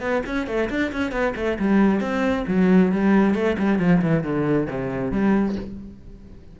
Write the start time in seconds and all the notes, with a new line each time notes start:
0.00 B3
0.26 C#4
0.47 A3
0.70 D4
0.92 C#4
1.12 B3
1.36 A3
1.59 G3
2.01 C4
2.47 F#3
2.92 G3
3.35 A3
3.59 G3
3.79 F3
4.02 E3
4.23 D3
4.70 C3
5.11 G3